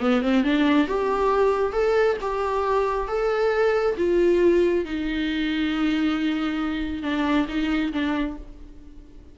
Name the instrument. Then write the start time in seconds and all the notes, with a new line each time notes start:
viola
0.00 B3
0.22 C4
0.44 D4
0.88 G4
1.73 A4
2.21 G4
3.08 A4
3.98 F4
4.85 D#4
7.03 D4
7.48 D#4
7.93 D4